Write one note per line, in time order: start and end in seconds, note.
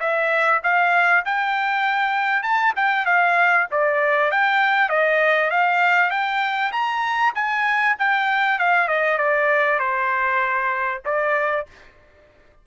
0.00 0.61 E5
0.63 1.24 F5
1.25 2.43 G5
2.43 2.73 A5
2.76 3.06 G5
3.06 3.67 F5
3.71 4.31 D5
4.31 4.89 G5
4.89 5.50 D#5
5.50 6.11 F5
6.11 6.72 G5
6.72 7.33 A#5
7.35 7.96 G#5
7.99 8.59 G5
8.59 8.88 F5
8.88 9.18 D#5
9.18 9.79 D5
9.79 11.01 C5
11.05 11.66 D5